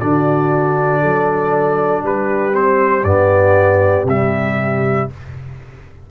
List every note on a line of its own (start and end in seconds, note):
0.00 1.03 D3
0.00 2.52 D4
0.00 1.00 F#4
0.00 2.03 D5
1.00 2.03 F#3
1.00 2.02 A4
2.03 3.03 G3
2.03 5.10 G4
2.03 2.55 B4
2.52 3.03 C4
2.52 3.04 C5
3.03 4.04 G2
3.03 4.07 B3
3.03 4.06 D5
4.04 5.06 C3
4.04 5.10 G3
4.04 5.10 E5